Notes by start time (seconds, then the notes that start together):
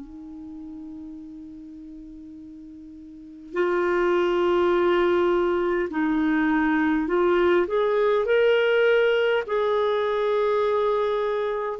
0.00 D#4
3.53 F4
5.90 D#4
7.07 F4
7.67 G#4
8.25 A#4
9.47 G#4